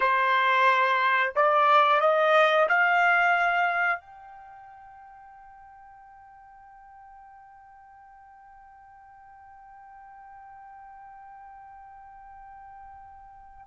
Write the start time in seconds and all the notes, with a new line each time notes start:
0.00 C5
1.35 D5
2.00 D#5
2.68 F5
4.00 G5